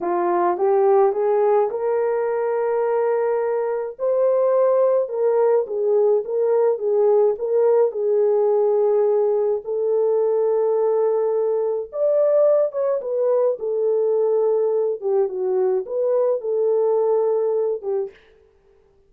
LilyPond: \new Staff \with { instrumentName = "horn" } { \time 4/4 \tempo 4 = 106 f'4 g'4 gis'4 ais'4~ | ais'2. c''4~ | c''4 ais'4 gis'4 ais'4 | gis'4 ais'4 gis'2~ |
gis'4 a'2.~ | a'4 d''4. cis''8 b'4 | a'2~ a'8 g'8 fis'4 | b'4 a'2~ a'8 g'8 | }